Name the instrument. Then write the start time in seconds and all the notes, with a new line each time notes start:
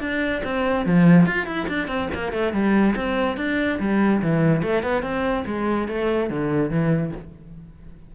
cello
0.00 D4
0.44 C4
0.86 F3
1.26 F4
1.46 E4
1.68 D4
1.87 C4
2.14 A#3
2.32 A3
2.53 G3
2.96 C4
3.37 D4
3.80 G3
4.22 E3
4.62 A3
4.83 B3
5.03 C4
5.46 G#3
5.88 A3
6.30 D3
6.70 E3